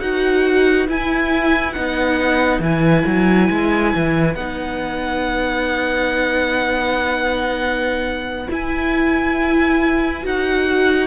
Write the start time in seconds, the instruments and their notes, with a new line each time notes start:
0.00 cello D#4, viola F#4, violin B4 F#5
0.88 cello E4, viola E4, violin G#5
1.72 cello B3, viola D#4, violin F#5
2.59 cello E3, viola E4, violin G#5
3.06 cello F#3
3.50 cello G#3
3.95 cello E3
4.35 cello B3, viola D#4, violin F#5
8.50 viola E4, cello E4, violin G#5
10.23 cello D#4, viola F#4, violin F#5